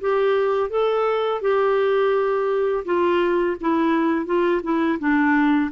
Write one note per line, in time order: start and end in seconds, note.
0.00 0.69 G4
0.69 1.41 A4
1.41 2.84 G4
2.85 3.56 F4
3.60 4.26 E4
4.26 4.61 F4
4.63 4.98 E4
4.99 5.71 D4